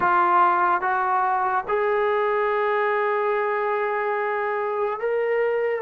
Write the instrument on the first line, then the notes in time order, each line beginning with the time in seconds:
trombone
0.00 F4
0.81 F#4
1.68 G#4
4.99 A#4